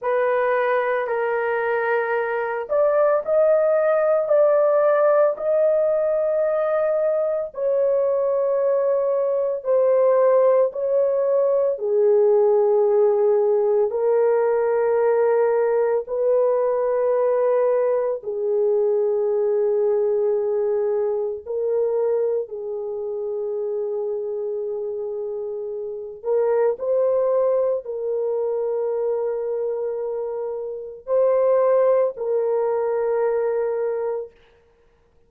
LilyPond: \new Staff \with { instrumentName = "horn" } { \time 4/4 \tempo 4 = 56 b'4 ais'4. d''8 dis''4 | d''4 dis''2 cis''4~ | cis''4 c''4 cis''4 gis'4~ | gis'4 ais'2 b'4~ |
b'4 gis'2. | ais'4 gis'2.~ | gis'8 ais'8 c''4 ais'2~ | ais'4 c''4 ais'2 | }